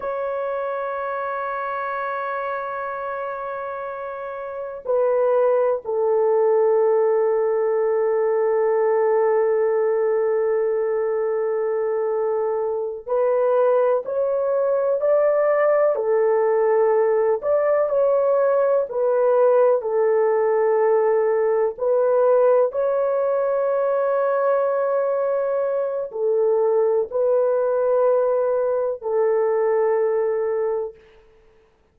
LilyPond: \new Staff \with { instrumentName = "horn" } { \time 4/4 \tempo 4 = 62 cis''1~ | cis''4 b'4 a'2~ | a'1~ | a'4. b'4 cis''4 d''8~ |
d''8 a'4. d''8 cis''4 b'8~ | b'8 a'2 b'4 cis''8~ | cis''2. a'4 | b'2 a'2 | }